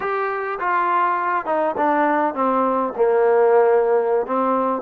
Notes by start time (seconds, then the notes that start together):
0.00 G4
0.59 F4
1.45 D#4
1.77 D4
2.34 C4
2.95 A#3
4.26 C4